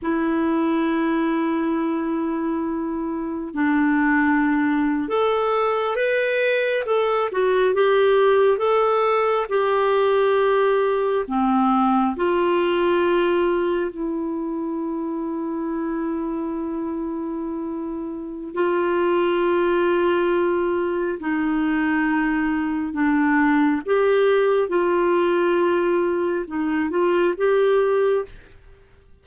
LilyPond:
\new Staff \with { instrumentName = "clarinet" } { \time 4/4 \tempo 4 = 68 e'1 | d'4.~ d'16 a'4 b'4 a'16~ | a'16 fis'8 g'4 a'4 g'4~ g'16~ | g'8. c'4 f'2 e'16~ |
e'1~ | e'4 f'2. | dis'2 d'4 g'4 | f'2 dis'8 f'8 g'4 | }